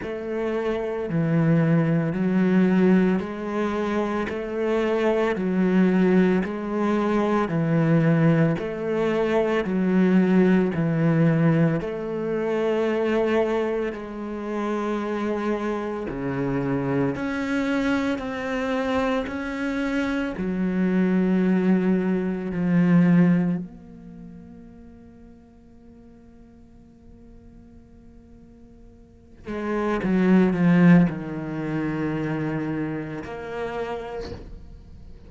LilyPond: \new Staff \with { instrumentName = "cello" } { \time 4/4 \tempo 4 = 56 a4 e4 fis4 gis4 | a4 fis4 gis4 e4 | a4 fis4 e4 a4~ | a4 gis2 cis4 |
cis'4 c'4 cis'4 fis4~ | fis4 f4 ais2~ | ais2.~ ais8 gis8 | fis8 f8 dis2 ais4 | }